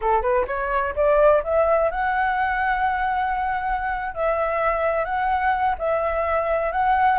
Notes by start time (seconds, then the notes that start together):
0.01 A4
0.21 B4
0.47 C#5
0.95 D5
1.43 E5
1.90 F#5
4.14 E5
5.04 F#5
5.78 E5
6.72 F#5